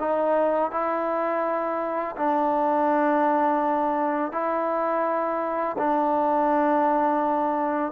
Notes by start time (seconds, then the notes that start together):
0.00 D#4
0.71 E4
2.17 D4
4.32 E4
5.78 D4